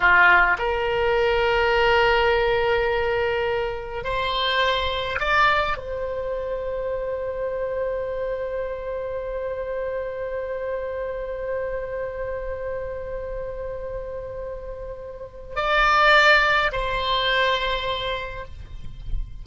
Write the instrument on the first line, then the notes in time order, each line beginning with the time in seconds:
oboe
0.00 F4
0.58 A#4
4.04 C5
5.19 D5
5.77 C5
15.56 D5
16.72 C5